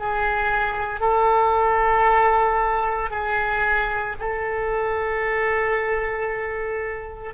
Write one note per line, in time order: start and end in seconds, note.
0.00 1.00 G#4
1.00 3.11 A4
3.11 4.16 G#4
4.20 7.34 A4